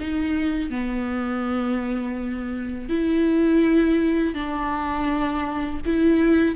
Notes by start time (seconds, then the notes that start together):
0.00 D#4
0.70 B3
2.89 E4
4.34 D4
5.86 E4